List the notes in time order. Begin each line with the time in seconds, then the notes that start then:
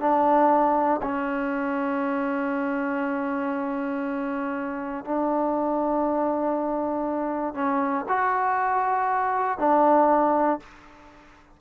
0.00 D4
1.02 C#4
5.05 D4
7.54 C#4
8.08 F#4
9.58 D4